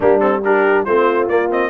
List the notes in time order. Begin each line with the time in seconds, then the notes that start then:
0.00 G3 A#3 D4 G4
0.20 C4 A4
0.44 D4 G4 A#4
0.84 A3 C4 F4 C5
1.28 A#3 D5
1.49 C4 D#5